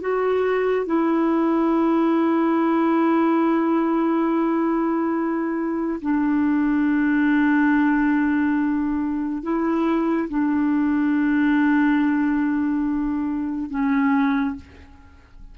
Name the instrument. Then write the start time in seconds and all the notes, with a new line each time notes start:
clarinet
0.00 F#4
0.86 E4
6.01 D4
9.43 E4
10.29 D4
13.70 C#4